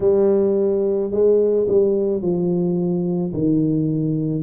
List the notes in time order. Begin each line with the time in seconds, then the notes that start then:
0.00 G3
1.11 G#3
1.67 G3
2.21 F3
3.33 D#3